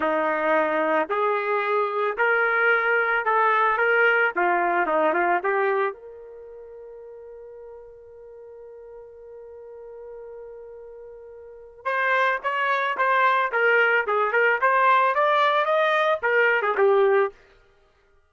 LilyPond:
\new Staff \with { instrumentName = "trumpet" } { \time 4/4 \tempo 4 = 111 dis'2 gis'2 | ais'2 a'4 ais'4 | f'4 dis'8 f'8 g'4 ais'4~ | ais'1~ |
ais'1~ | ais'2 c''4 cis''4 | c''4 ais'4 gis'8 ais'8 c''4 | d''4 dis''4 ais'8. gis'16 g'4 | }